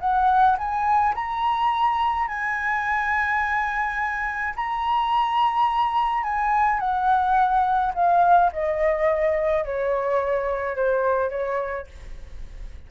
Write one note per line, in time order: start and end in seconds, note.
0.00 0.57 F#5
0.58 1.14 G#5
1.15 2.28 A#5
2.28 4.54 G#5
4.56 6.23 A#5
6.23 6.80 G#5
6.80 7.93 F#5
7.95 8.51 F5
8.52 9.65 D#5
9.65 10.76 C#5
10.76 11.30 C5
11.30 11.87 C#5